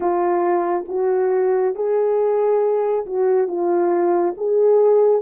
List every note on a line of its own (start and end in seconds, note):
0.00 0.85 F4
0.88 1.75 F#4
1.75 3.05 G#4
3.06 3.47 F#4
3.47 4.34 F4
4.37 5.21 G#4